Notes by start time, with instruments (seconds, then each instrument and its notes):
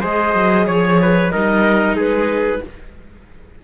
0.00 cello G#3, viola G#4, trumpet C5, clarinet D#5
0.34 cello F#3
0.67 cello F3, clarinet C#5, trumpet C#5
1.01 trumpet B4
1.31 cello G3, viola D#4, trumpet A#4, clarinet D#5
1.94 cello G#3, trumpet G#4, clarinet B4